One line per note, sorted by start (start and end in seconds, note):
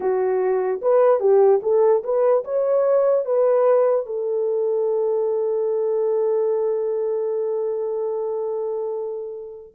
0.00 0.80 F#4
0.81 1.19 B4
1.19 1.60 G4
1.62 2.03 A4
2.03 2.44 B4
2.44 3.25 C#5
3.25 4.05 B4
4.05 9.73 A4